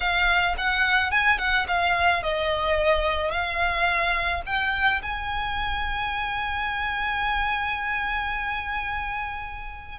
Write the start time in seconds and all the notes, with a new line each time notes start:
0.00 F5
0.57 F#5
1.11 G#5
1.38 F#5
1.67 F5
2.22 D#5
3.31 F5
4.46 G5
5.02 G#5